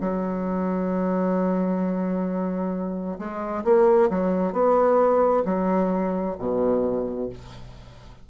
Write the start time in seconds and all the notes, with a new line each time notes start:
0.00 F#3
3.19 G#3
3.64 A#3
4.10 F#3
4.52 B3
5.45 F#3
6.38 B2